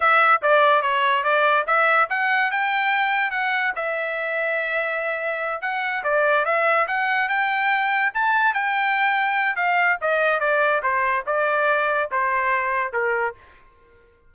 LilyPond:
\new Staff \with { instrumentName = "trumpet" } { \time 4/4 \tempo 4 = 144 e''4 d''4 cis''4 d''4 | e''4 fis''4 g''2 | fis''4 e''2.~ | e''4. fis''4 d''4 e''8~ |
e''8 fis''4 g''2 a''8~ | a''8 g''2~ g''8 f''4 | dis''4 d''4 c''4 d''4~ | d''4 c''2 ais'4 | }